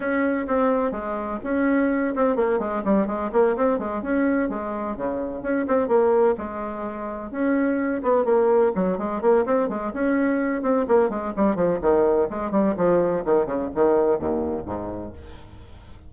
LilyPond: \new Staff \with { instrumentName = "bassoon" } { \time 4/4 \tempo 4 = 127 cis'4 c'4 gis4 cis'4~ | cis'8 c'8 ais8 gis8 g8 gis8 ais8 c'8 | gis8 cis'4 gis4 cis4 cis'8 | c'8 ais4 gis2 cis'8~ |
cis'4 b8 ais4 fis8 gis8 ais8 | c'8 gis8 cis'4. c'8 ais8 gis8 | g8 f8 dis4 gis8 g8 f4 | dis8 cis8 dis4 dis,4 gis,4 | }